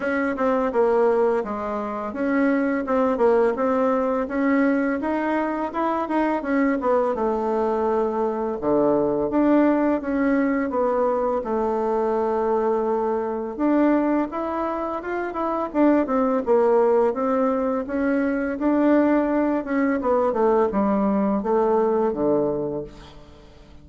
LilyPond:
\new Staff \with { instrumentName = "bassoon" } { \time 4/4 \tempo 4 = 84 cis'8 c'8 ais4 gis4 cis'4 | c'8 ais8 c'4 cis'4 dis'4 | e'8 dis'8 cis'8 b8 a2 | d4 d'4 cis'4 b4 |
a2. d'4 | e'4 f'8 e'8 d'8 c'8 ais4 | c'4 cis'4 d'4. cis'8 | b8 a8 g4 a4 d4 | }